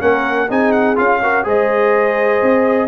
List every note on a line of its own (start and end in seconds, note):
0.00 0.49 A#3
0.00 0.48 C#4
0.00 0.49 A#4
0.00 0.49 F#5
0.49 0.97 C4
0.49 0.95 D#4
0.49 1.21 G#4
0.49 0.71 G#5
0.71 0.95 F#5
0.95 1.45 C#4
0.95 1.19 F4
0.95 1.46 F5
1.22 1.43 F#4
1.22 1.45 A#4
1.43 2.41 G#3
1.43 2.87 G#4
1.43 2.88 C5
1.43 2.88 D#5
2.42 2.88 C4